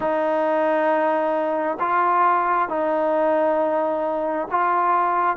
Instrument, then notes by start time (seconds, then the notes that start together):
trombone
0.00 D#4
1.79 F4
2.69 D#4
4.50 F4